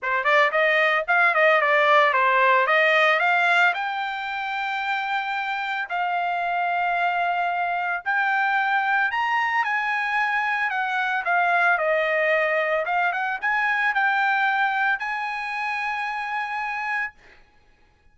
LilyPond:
\new Staff \with { instrumentName = "trumpet" } { \time 4/4 \tempo 4 = 112 c''8 d''8 dis''4 f''8 dis''8 d''4 | c''4 dis''4 f''4 g''4~ | g''2. f''4~ | f''2. g''4~ |
g''4 ais''4 gis''2 | fis''4 f''4 dis''2 | f''8 fis''8 gis''4 g''2 | gis''1 | }